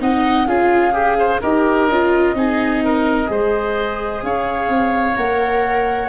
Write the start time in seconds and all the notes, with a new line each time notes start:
0.00 C4 D#4 D#5 F#5
0.47 C#4 F4 G#4 F5
0.92 G4 G#4
1.19 C5
1.41 D#4 G4 A#4 D#5
1.88 C#4 F4
2.35 C4 D#4 G#4
2.85 A#4
3.26 G#3 G#4 C5
4.23 C#4 C#5 F5
4.69 C4
5.16 A#3 A#4 F#5